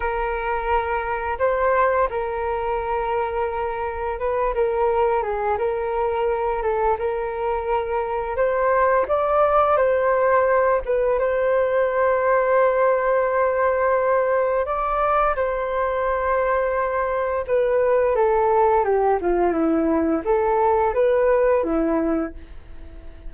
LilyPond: \new Staff \with { instrumentName = "flute" } { \time 4/4 \tempo 4 = 86 ais'2 c''4 ais'4~ | ais'2 b'8 ais'4 gis'8 | ais'4. a'8 ais'2 | c''4 d''4 c''4. b'8 |
c''1~ | c''4 d''4 c''2~ | c''4 b'4 a'4 g'8 f'8 | e'4 a'4 b'4 e'4 | }